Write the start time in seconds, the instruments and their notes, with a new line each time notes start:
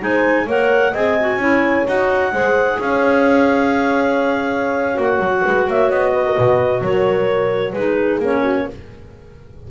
0.00 double bass G#3, clarinet D#4 G#5, horn C5
0.46 double bass A#3, clarinet A#4 F#5, horn C#5
0.92 double bass C4, clarinet G#4 G#5, horn D#5
1.21 clarinet F#4
1.37 double bass C#4, clarinet E4, horn C#5
1.87 double bass D#4, clarinet F#4 F#5
2.33 double bass G#3, clarinet G#4, horn C5
2.80 double bass C#4, horn C#5, clarinet F5
4.94 double bass A#3, clarinet F#4
5.01 clarinet F#5
5.20 double bass F#3
5.45 double bass G#3, horn B4
5.68 double bass A#3, horn C#5, clarinet E5
5.90 double bass B3, clarinet D#5
6.14 horn B4
6.26 horn A#4
6.36 double bass B2, horn B4
6.82 double bass F#3, horn A#4, clarinet C#5
7.73 double bass G#3, clarinet D#4 B4, horn G#4
8.20 double bass A#3, clarinet C#4 C#5
8.42 horn F#4